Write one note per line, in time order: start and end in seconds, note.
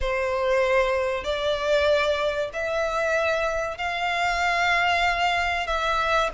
0.01 1.23 C5
1.23 2.50 D5
2.53 3.77 E5
3.77 5.66 F5
5.66 6.30 E5